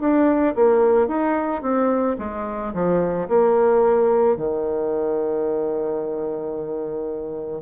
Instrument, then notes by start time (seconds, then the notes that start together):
bassoon
0.00 D4
0.55 A#3
1.08 D#4
1.62 C4
2.19 G#3
2.73 F3
3.28 A#3
4.36 D#3